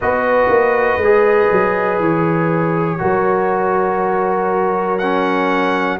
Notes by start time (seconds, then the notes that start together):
0.00 B3 F#4 B4 D#5
0.49 A#3
0.97 G#3 G#4
1.51 F#3
1.99 E3 C#5
2.98 F#3 F#4 A#4
4.98 C#4 F#5